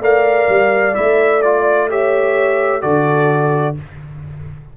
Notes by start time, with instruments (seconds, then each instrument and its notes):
0.00 tuba A3, trombone A#4, horn D5, trumpet F5
0.48 tuba G3
0.94 tuba A3, trombone E4, trumpet E5
1.42 trombone F4, trumpet D5
1.89 trombone G4, horn C#5, trumpet E5
2.81 tuba D3, trombone F#4, horn A4, trumpet D5